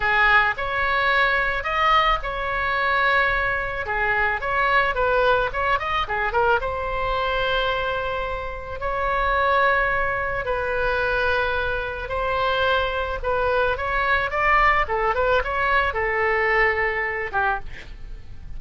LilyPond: \new Staff \with { instrumentName = "oboe" } { \time 4/4 \tempo 4 = 109 gis'4 cis''2 dis''4 | cis''2. gis'4 | cis''4 b'4 cis''8 dis''8 gis'8 ais'8 | c''1 |
cis''2. b'4~ | b'2 c''2 | b'4 cis''4 d''4 a'8 b'8 | cis''4 a'2~ a'8 g'8 | }